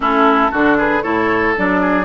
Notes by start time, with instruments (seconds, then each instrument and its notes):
0.00 bassoon A3, clarinet C#4, oboe E4, flute A4
0.51 bassoon D3, clarinet D4, oboe F#4
0.77 oboe G#4, flute B4
1.02 bassoon A2, clarinet E4, oboe A4, flute C#5
1.56 bassoon F#3, clarinet D4, flute D5
1.81 oboe G#4